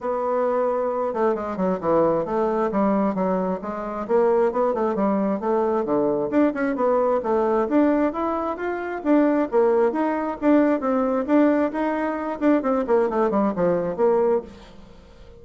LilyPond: \new Staff \with { instrumentName = "bassoon" } { \time 4/4 \tempo 4 = 133 b2~ b8 a8 gis8 fis8 | e4 a4 g4 fis4 | gis4 ais4 b8 a8 g4 | a4 d4 d'8 cis'8 b4 |
a4 d'4 e'4 f'4 | d'4 ais4 dis'4 d'4 | c'4 d'4 dis'4. d'8 | c'8 ais8 a8 g8 f4 ais4 | }